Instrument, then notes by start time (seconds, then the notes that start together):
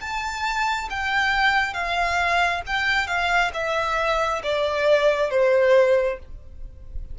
violin
0.00 A5
0.90 G5
1.73 F5
2.66 G5
3.07 F5
3.53 E5
4.43 D5
5.30 C5